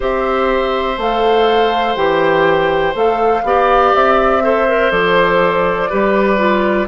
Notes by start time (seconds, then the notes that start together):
0.00 C4 G4 C5 E5
0.97 A3 A4 F5
1.95 E3 G4 G5
2.94 A3 A4 F5
3.43 B3 G4 D5
3.94 C4 E5
4.42 A4 C5
4.67 A#4
4.90 F3 A4 D5
5.89 G3 G4 B4
6.37 F4